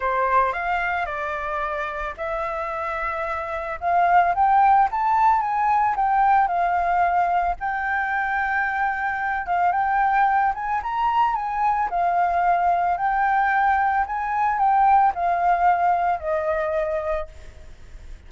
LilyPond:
\new Staff \with { instrumentName = "flute" } { \time 4/4 \tempo 4 = 111 c''4 f''4 d''2 | e''2. f''4 | g''4 a''4 gis''4 g''4 | f''2 g''2~ |
g''4. f''8 g''4. gis''8 | ais''4 gis''4 f''2 | g''2 gis''4 g''4 | f''2 dis''2 | }